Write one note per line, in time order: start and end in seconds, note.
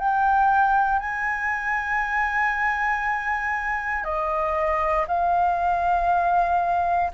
0.00 1.00 G5
1.00 4.04 G#5
4.04 5.06 D#5
5.08 7.12 F5